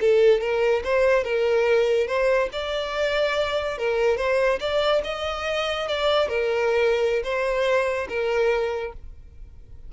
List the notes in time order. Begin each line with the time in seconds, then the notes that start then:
0.00 A4
0.40 A#4
0.84 C5
1.24 A#4
2.07 C5
2.52 D5
3.78 A#4
4.17 C5
4.60 D5
5.03 D#5
5.88 D5
6.28 A#4
7.23 C5
8.08 A#4